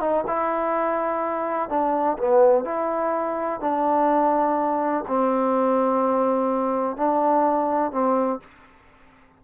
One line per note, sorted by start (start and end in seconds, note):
0.00 0.24 D#4
0.27 1.70 E4
1.70 2.18 D4
2.18 2.65 B3
2.65 3.61 E4
3.61 5.05 D4
5.07 6.97 C4
6.97 7.92 D4
7.92 8.40 C4